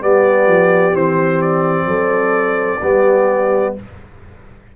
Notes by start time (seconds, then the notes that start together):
0.00 G3 B3 G4 D5
0.47 F3
0.93 E3 C4 C5
1.41 D5
1.85 F#3 A4
2.80 G3 B3 G4